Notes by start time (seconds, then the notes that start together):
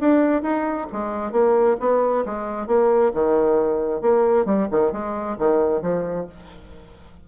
0.00 D4
0.42 D#4
0.92 G#3
1.32 A#3
1.80 B3
2.25 G#3
2.67 A#3
3.14 D#3
4.01 A#3
4.45 G3
4.71 D#3
4.92 G#3
5.38 D#3
5.82 F3